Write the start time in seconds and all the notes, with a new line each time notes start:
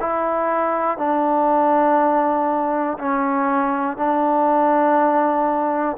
0.00 E4
0.97 D4
2.98 C#4
3.97 D4